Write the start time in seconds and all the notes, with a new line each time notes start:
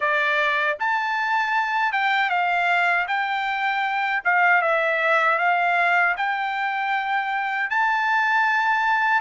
0.00 D5
0.79 A5
1.92 G5
2.29 F5
3.07 G5
4.24 F5
4.61 E5
5.38 F5
6.16 G5
7.70 A5